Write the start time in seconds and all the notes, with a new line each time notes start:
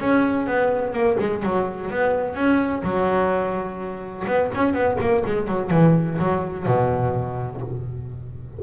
0.00 C#4
0.47 B3
0.93 A#3
1.20 G#3
1.43 F#3
1.91 B3
2.35 C#4
2.83 F#3
4.27 B3
4.55 C#4
4.74 B3
5.00 A#3
5.26 G#3
5.48 F#3
5.71 E3
6.19 F#3
6.66 B2